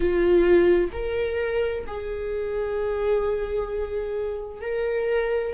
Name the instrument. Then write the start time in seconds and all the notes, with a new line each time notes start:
viola
0.00 F4
0.92 A#4
1.87 G#4
4.61 A#4